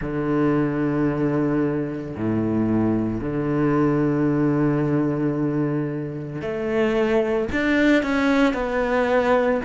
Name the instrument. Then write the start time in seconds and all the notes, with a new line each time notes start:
cello
0.00 D3
2.16 A2
3.20 D3
6.41 A3
7.51 D4
8.02 C#4
8.53 B3